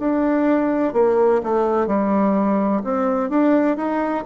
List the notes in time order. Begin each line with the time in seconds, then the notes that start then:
0.00 D4
0.94 A#3
1.43 A3
1.87 G3
2.84 C4
3.30 D4
3.77 D#4